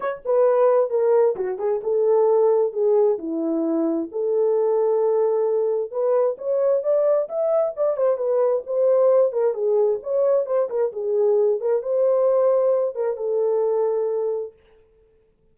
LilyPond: \new Staff \with { instrumentName = "horn" } { \time 4/4 \tempo 4 = 132 cis''8 b'4. ais'4 fis'8 gis'8 | a'2 gis'4 e'4~ | e'4 a'2.~ | a'4 b'4 cis''4 d''4 |
e''4 d''8 c''8 b'4 c''4~ | c''8 ais'8 gis'4 cis''4 c''8 ais'8 | gis'4. ais'8 c''2~ | c''8 ais'8 a'2. | }